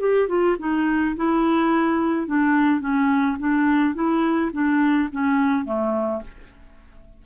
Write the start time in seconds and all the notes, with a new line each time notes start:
0.00 G4
0.29 F4
0.59 D#4
1.16 E4
2.27 D4
2.80 C#4
3.39 D4
3.95 E4
4.53 D4
5.12 C#4
5.65 A3